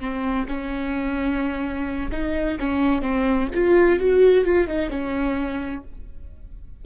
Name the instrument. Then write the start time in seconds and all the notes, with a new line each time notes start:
viola
0.00 C4
0.48 C#4
2.12 D#4
2.59 C#4
3.02 C4
3.54 F4
3.99 F#4
4.44 F4
4.67 D#4
4.90 C#4